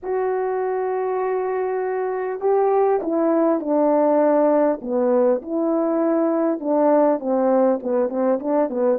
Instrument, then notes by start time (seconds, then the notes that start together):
horn
0.02 F#4
2.40 G4
3.02 E4
3.59 D4
4.81 B3
5.42 E4
6.60 D4
7.19 C4
7.82 B3
8.09 C4
8.39 D4
8.69 B3